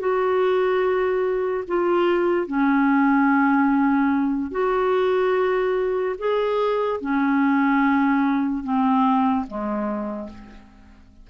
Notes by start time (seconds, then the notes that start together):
0.00 F#4
1.68 F4
2.47 C#4
4.51 F#4
6.19 G#4
7.01 C#4
8.64 C4
9.47 G#3